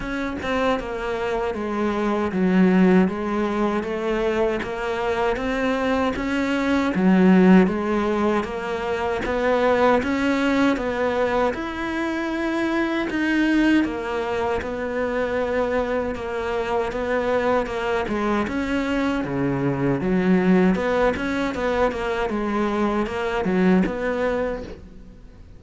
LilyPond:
\new Staff \with { instrumentName = "cello" } { \time 4/4 \tempo 4 = 78 cis'8 c'8 ais4 gis4 fis4 | gis4 a4 ais4 c'4 | cis'4 fis4 gis4 ais4 | b4 cis'4 b4 e'4~ |
e'4 dis'4 ais4 b4~ | b4 ais4 b4 ais8 gis8 | cis'4 cis4 fis4 b8 cis'8 | b8 ais8 gis4 ais8 fis8 b4 | }